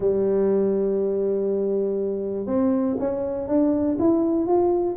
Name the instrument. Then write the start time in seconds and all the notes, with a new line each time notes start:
tuba
0.00 G3
2.46 C4
2.99 C#4
3.47 D4
3.99 E4
4.46 F4